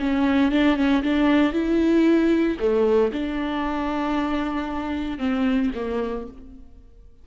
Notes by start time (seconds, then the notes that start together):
0.00 C#4
0.52 D4
0.77 C#4
1.03 D4
1.53 E4
2.60 A3
3.13 D4
5.19 C4
5.75 A#3